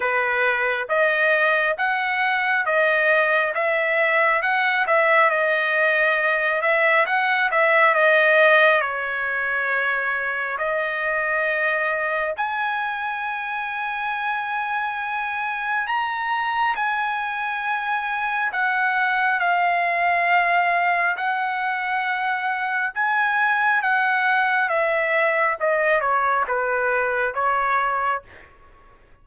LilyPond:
\new Staff \with { instrumentName = "trumpet" } { \time 4/4 \tempo 4 = 68 b'4 dis''4 fis''4 dis''4 | e''4 fis''8 e''8 dis''4. e''8 | fis''8 e''8 dis''4 cis''2 | dis''2 gis''2~ |
gis''2 ais''4 gis''4~ | gis''4 fis''4 f''2 | fis''2 gis''4 fis''4 | e''4 dis''8 cis''8 b'4 cis''4 | }